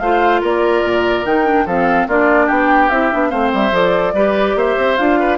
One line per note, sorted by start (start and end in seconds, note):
0.00 0.42 A3
0.00 1.26 F4
0.00 0.42 C5
0.00 0.41 F5
0.42 0.84 A#3
0.42 1.66 A#4
0.42 1.26 D5
0.84 1.25 A#2
1.26 1.66 D#3
1.26 1.46 D#4
1.26 1.67 G5
1.46 1.66 D4
1.66 2.07 F3
1.66 2.10 C4
1.66 2.08 A4
1.66 2.09 F5
2.08 2.50 A#3
2.08 2.92 D4
2.08 2.46 F4
2.08 2.49 D5
2.46 2.91 B3
2.46 3.29 G4
2.46 2.90 G5
2.90 3.11 C4
2.90 3.12 E4
2.90 3.31 E5
3.12 3.32 B3
3.12 3.31 D4
3.31 3.53 A3
3.31 3.72 C4
3.31 4.13 C5
3.31 3.52 F5
3.54 3.72 G3
3.54 3.76 E5
3.72 4.14 F3
3.72 4.14 A4
3.72 4.58 D5
4.14 4.55 G3
4.14 4.98 G4
4.14 4.57 B4
4.56 4.77 A#3
4.56 5.20 C5
4.56 4.97 E5
4.78 4.99 C4
4.97 5.39 D4
4.97 5.39 F4
4.97 5.39 F5
5.20 5.39 B4